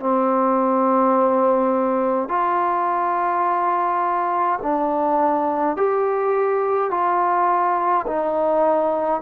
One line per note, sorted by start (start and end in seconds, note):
0.00 2.29 C4
2.29 4.59 F4
4.63 5.77 D4
5.77 6.91 G4
6.91 8.06 F4
8.07 9.22 D#4